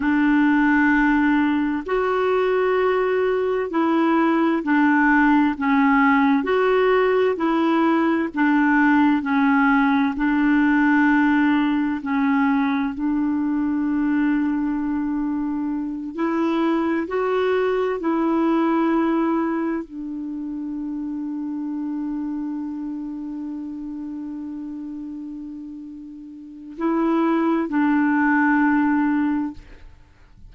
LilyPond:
\new Staff \with { instrumentName = "clarinet" } { \time 4/4 \tempo 4 = 65 d'2 fis'2 | e'4 d'4 cis'4 fis'4 | e'4 d'4 cis'4 d'4~ | d'4 cis'4 d'2~ |
d'4. e'4 fis'4 e'8~ | e'4. d'2~ d'8~ | d'1~ | d'4 e'4 d'2 | }